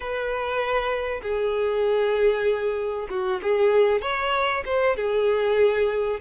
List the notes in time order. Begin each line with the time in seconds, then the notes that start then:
0.00 B4
1.22 G#4
3.10 F#4
3.42 G#4
4.01 C#5
4.65 C5
4.96 G#4